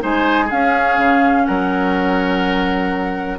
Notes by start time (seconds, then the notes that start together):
0.00 G#3 D#4 C5 G#5
0.46 C#4 G#4 F5
0.52 C#4
0.98 C#3
1.46 F#3 A#4 F#5